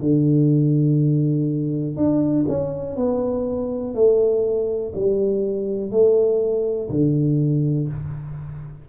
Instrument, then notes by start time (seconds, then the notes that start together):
tuba
0.00 D3
1.96 D4
2.48 C#4
2.96 B3
3.94 A3
4.95 G3
5.91 A3
6.90 D3